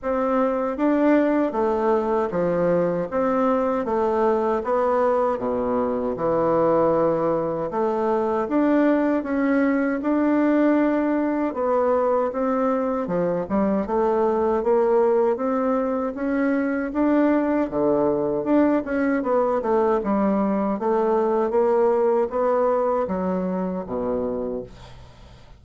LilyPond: \new Staff \with { instrumentName = "bassoon" } { \time 4/4 \tempo 4 = 78 c'4 d'4 a4 f4 | c'4 a4 b4 b,4 | e2 a4 d'4 | cis'4 d'2 b4 |
c'4 f8 g8 a4 ais4 | c'4 cis'4 d'4 d4 | d'8 cis'8 b8 a8 g4 a4 | ais4 b4 fis4 b,4 | }